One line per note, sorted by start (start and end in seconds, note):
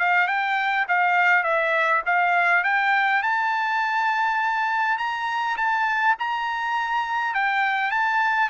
0.00 0.28 F5
0.28 0.87 G5
0.89 1.44 F5
1.44 2.03 E5
2.06 2.64 F5
2.64 3.23 G5
3.23 4.98 A5
4.98 5.57 A#5
5.57 6.16 A5
6.20 7.35 A#5
7.35 7.91 G5
7.91 8.50 A5